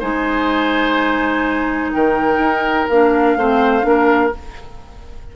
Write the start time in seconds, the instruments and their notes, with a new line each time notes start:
0.00 bassoon G#3, clarinet D#4, oboe C5, flute G#5
1.93 bassoon D#3, oboe A#4, flute G5
2.39 bassoon D#4
2.89 bassoon A#3, clarinet D4, flute F5
3.37 bassoon A3, clarinet C4, oboe C5
3.82 bassoon A#3, clarinet D4
3.88 oboe A#4